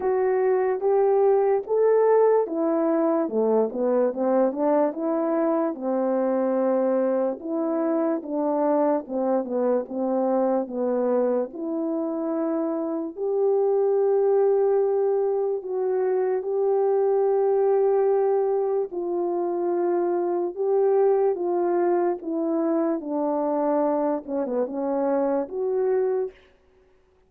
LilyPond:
\new Staff \with { instrumentName = "horn" } { \time 4/4 \tempo 4 = 73 fis'4 g'4 a'4 e'4 | a8 b8 c'8 d'8 e'4 c'4~ | c'4 e'4 d'4 c'8 b8 | c'4 b4 e'2 |
g'2. fis'4 | g'2. f'4~ | f'4 g'4 f'4 e'4 | d'4. cis'16 b16 cis'4 fis'4 | }